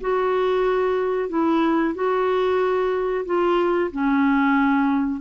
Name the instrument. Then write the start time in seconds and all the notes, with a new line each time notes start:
clarinet
0.00 F#4
1.29 E4
1.94 F#4
3.25 F4
3.91 C#4